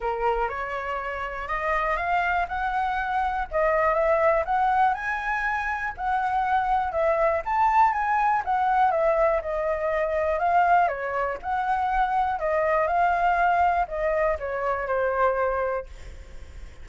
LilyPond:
\new Staff \with { instrumentName = "flute" } { \time 4/4 \tempo 4 = 121 ais'4 cis''2 dis''4 | f''4 fis''2 dis''4 | e''4 fis''4 gis''2 | fis''2 e''4 a''4 |
gis''4 fis''4 e''4 dis''4~ | dis''4 f''4 cis''4 fis''4~ | fis''4 dis''4 f''2 | dis''4 cis''4 c''2 | }